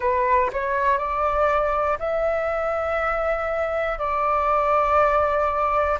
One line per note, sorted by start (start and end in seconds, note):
0.00 0.50 B4
0.53 0.98 C#5
0.98 1.98 D5
1.99 3.98 E5
3.98 5.98 D5